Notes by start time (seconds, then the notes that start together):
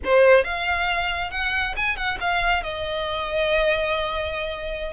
0.04 C5
0.44 F5
1.30 F#5
1.76 G#5
1.96 F#5
2.20 F5
2.63 D#5